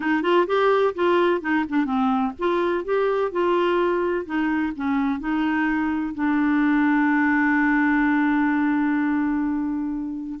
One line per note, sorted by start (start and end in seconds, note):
0.00 0.22 D#4
0.22 0.46 F4
0.46 0.93 G4
0.94 1.41 F4
1.41 1.64 D#4
1.68 1.85 D4
1.85 2.32 C4
2.38 2.84 F4
2.84 3.31 G4
3.31 4.25 F4
4.25 4.72 D#4
4.76 5.19 C#4
5.19 6.14 D#4
6.14 10.39 D4